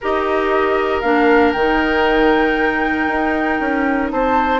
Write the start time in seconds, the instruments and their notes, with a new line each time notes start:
0.01 bassoon D#4, clarinet G4, oboe A#4, flute D#5
1.00 bassoon A#3, clarinet D4, flute F5
1.52 bassoon D#3, clarinet D#4, flute G5
3.07 bassoon D#4
3.59 bassoon C#4
4.11 bassoon C4, oboe C5, flute A5